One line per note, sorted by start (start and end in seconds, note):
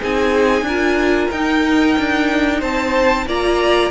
0.00 0.62 C4
0.00 0.67 D#4
0.00 0.65 G#4
0.00 1.31 G#5
0.62 1.27 D4
0.62 2.60 A#4
0.69 1.33 F4
1.31 1.96 D#4
1.31 3.28 D#4
1.31 2.61 G5
1.98 2.62 D4
2.60 3.26 C4
2.60 3.25 C5
2.60 3.27 A5
3.26 3.90 A#3
3.26 3.90 F4
3.26 3.90 D5
3.26 3.90 A#5